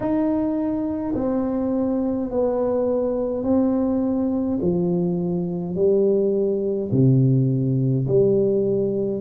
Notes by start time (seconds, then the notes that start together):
0.00 D#4
1.15 C4
2.31 B3
3.43 C4
4.62 F3
5.75 G3
6.91 C3
8.07 G3